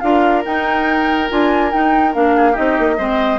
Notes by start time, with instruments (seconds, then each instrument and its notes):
0.00 bassoon D4, clarinet F4, oboe A#4, flute F5
0.44 clarinet D#4, bassoon D#4, flute G5
1.29 bassoon D4, clarinet F4, flute G#5
1.71 clarinet D#4, bassoon D#4, flute G5
2.13 bassoon A#3, clarinet D4, flute F5
2.36 oboe G#4
2.52 clarinet D#4, oboe G4, flute D#5
2.58 bassoon C4
2.79 bassoon A#3
2.98 bassoon G#3, clarinet C4, oboe C5